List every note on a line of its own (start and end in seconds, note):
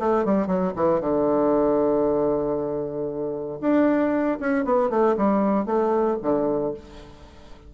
0.00 0.25 A3
0.25 0.47 G3
0.47 0.73 F#3
0.76 1.01 E3
1.01 3.60 D3
3.61 4.39 D4
4.41 4.65 C#4
4.65 4.90 B3
4.90 5.16 A3
5.17 5.66 G3
5.66 6.18 A3
6.23 6.74 D3